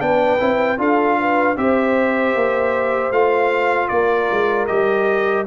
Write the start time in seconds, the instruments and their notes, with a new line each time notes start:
0.00 tuba B3, trombone D4, horn B4, trumpet G5
0.40 tuba C4, trombone E4
0.78 tuba D4, trombone F4, horn A4, trumpet F5
1.19 horn B4
1.57 tuba C4, trombone G4, horn C5, trumpet E5
2.35 tuba A#3
3.11 tuba A3, trombone F4, trumpet F5
3.88 tuba A#3, horn A#4, trumpet D5
4.31 tuba G#3
4.67 tuba G3, trombone G4, trumpet D#5